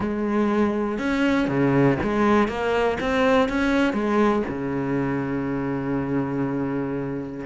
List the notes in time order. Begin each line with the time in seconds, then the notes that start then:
0.00 G#3
0.98 C#4
1.48 C#3
2.02 G#3
2.47 A#3
3.00 C4
3.48 C#4
3.93 G#3
4.48 C#3